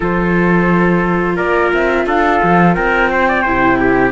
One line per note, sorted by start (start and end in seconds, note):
0.00 1.38 F3
0.00 3.44 F4
0.00 1.36 A4
0.00 1.36 C5
1.36 1.73 A#3
1.36 2.05 A#4
1.36 1.71 D5
1.73 2.06 C4
1.73 2.07 E5
2.06 2.40 D4
2.06 2.75 A4
2.06 2.74 F5
2.42 2.76 F3
2.74 3.45 C4
2.74 3.09 A#4
2.74 4.11 G5
3.11 3.28 C5
3.28 3.42 D5
3.42 4.11 C3
3.42 4.11 E4
3.42 3.77 C5
3.79 4.11 G4